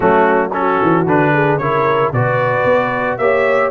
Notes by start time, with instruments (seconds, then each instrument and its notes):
0.00 tuba F#3, trombone A3, horn C#4, trumpet F#4
0.53 trombone C#4, horn F#4, trumpet A4
0.82 tuba E3
1.06 tuba D3, trombone D4, trumpet B4
1.33 horn G#4
1.58 tuba C#3, trombone E4, horn A#4, trumpet C#5
2.12 tuba B2, trombone F#4, horn B4, trumpet D5
2.64 tuba B3
3.17 tuba A#3, trombone G4, horn C#5, trumpet E5